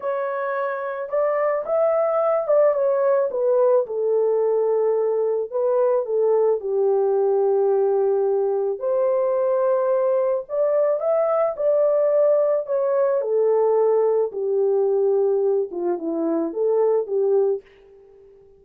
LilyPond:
\new Staff \with { instrumentName = "horn" } { \time 4/4 \tempo 4 = 109 cis''2 d''4 e''4~ | e''8 d''8 cis''4 b'4 a'4~ | a'2 b'4 a'4 | g'1 |
c''2. d''4 | e''4 d''2 cis''4 | a'2 g'2~ | g'8 f'8 e'4 a'4 g'4 | }